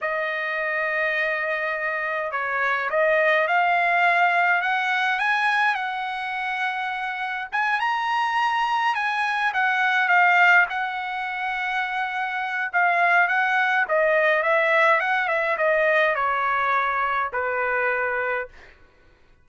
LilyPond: \new Staff \with { instrumentName = "trumpet" } { \time 4/4 \tempo 4 = 104 dis''1 | cis''4 dis''4 f''2 | fis''4 gis''4 fis''2~ | fis''4 gis''8 ais''2 gis''8~ |
gis''8 fis''4 f''4 fis''4.~ | fis''2 f''4 fis''4 | dis''4 e''4 fis''8 e''8 dis''4 | cis''2 b'2 | }